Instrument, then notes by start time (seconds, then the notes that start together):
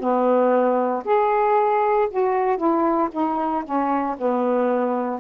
saxophone
0.00 B3
1.05 G#4
2.11 F#4
2.57 E4
3.12 D#4
3.64 C#4
4.18 B3